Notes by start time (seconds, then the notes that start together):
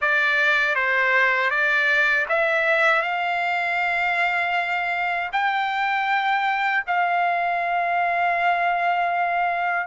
0.01 D5
0.75 C5
1.50 D5
2.28 E5
3.02 F5
5.32 G5
6.87 F5